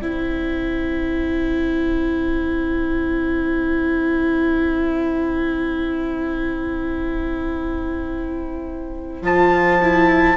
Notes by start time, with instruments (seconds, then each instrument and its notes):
0.00 bassoon C4, viola E4, violin C5, trumpet G5
9.21 bassoon F3, viola F4, trumpet A5
9.82 viola E4